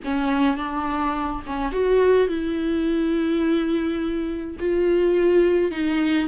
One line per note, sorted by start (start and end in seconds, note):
0.04 0.57 C#4
0.57 1.42 D4
1.46 1.71 C#4
1.71 2.28 F#4
2.28 4.57 E4
4.59 5.71 F4
5.71 6.28 D#4